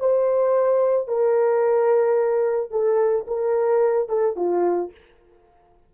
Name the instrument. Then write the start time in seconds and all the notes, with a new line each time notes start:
horn
0.00 C5
1.08 A#4
2.71 A4
3.28 A#4
4.09 A4
4.37 F4